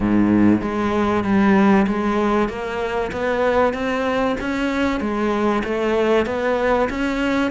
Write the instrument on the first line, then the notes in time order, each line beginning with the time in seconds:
cello
0.00 G#2
0.61 G#3
1.24 G3
1.87 G#3
2.48 A#3
3.12 B3
3.73 C4
4.40 C#4
5.00 G#3
5.64 A3
6.26 B3
6.89 C#4